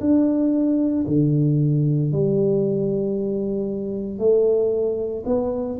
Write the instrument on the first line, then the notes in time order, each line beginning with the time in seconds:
tuba
0.00 D4
1.07 D3
2.12 G3
4.18 A3
5.26 B3